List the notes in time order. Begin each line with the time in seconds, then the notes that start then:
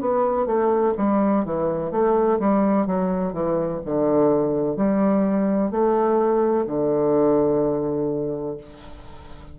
0.00 B3
0.45 A3
0.97 G3
1.45 E3
1.91 A3
2.39 G3
2.86 F#3
3.32 E3
3.85 D3
4.76 G3
5.70 A3
6.66 D3